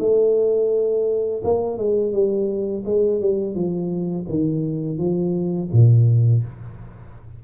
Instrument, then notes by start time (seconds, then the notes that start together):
tuba
0.00 A3
1.44 A#3
1.78 G#3
2.13 G3
2.85 G#3
3.21 G3
3.55 F3
4.29 D#3
4.98 F3
5.73 A#2